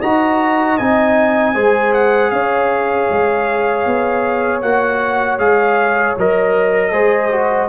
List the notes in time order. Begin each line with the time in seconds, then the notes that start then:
0.00 D#4 F#4 D#5 A#5
0.78 C4 D#4 G#5
1.54 G#3 G#4 C5
1.93 F#5
2.30 C#4 C#5 F5
3.10 G#3
3.85 B3
4.61 A#3 F#4 F#5
5.38 G#3 G#4 F5
6.17 F#3 A#4 D#5
6.92 G#3 G#4 C5
7.32 F#4